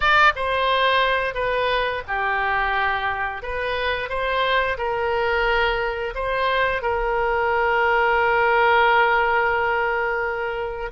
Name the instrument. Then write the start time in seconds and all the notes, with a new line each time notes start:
oboe
0.00 D5
0.35 C5
1.34 B4
2.07 G4
3.42 B4
4.09 C5
4.77 A#4
6.14 C5
6.82 A#4